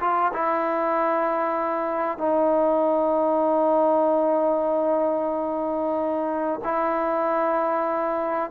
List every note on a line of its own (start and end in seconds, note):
0.00 0.32 F4
0.33 2.18 E4
2.18 6.60 D#4
6.63 8.51 E4